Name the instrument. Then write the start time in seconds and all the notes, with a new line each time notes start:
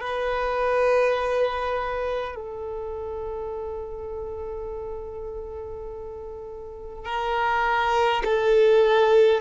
violin
0.00 B4
2.35 A4
7.05 A#4
8.24 A4